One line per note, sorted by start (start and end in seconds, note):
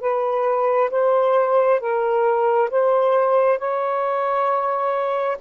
0.00 0.90 B4
0.90 1.80 C5
1.80 2.69 A#4
2.70 3.58 C5
3.58 5.37 C#5